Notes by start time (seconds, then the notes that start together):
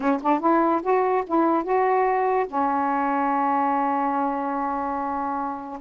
0.00 C#4
0.22 D4
0.40 E4
0.82 F#4
1.26 E4
1.63 F#4
2.47 C#4